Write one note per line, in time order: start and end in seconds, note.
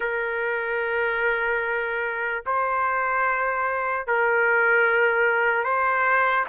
0.00 2.43 A#4
2.45 4.07 C5
4.07 5.64 A#4
5.64 6.45 C5